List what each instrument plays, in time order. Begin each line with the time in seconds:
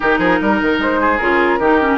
0.00 bassoon D#3, clarinet D#4, oboe G4, flute A#4
0.18 bassoon F3, oboe G#4
0.41 bassoon G3, oboe A#4
0.61 bassoon D#3
0.78 bassoon G#3, flute C5
1.00 oboe G#4
1.18 bassoon C#3, clarinet F4, flute A#4
1.59 bassoon D#3, clarinet D#4, oboe G4
1.81 clarinet C#4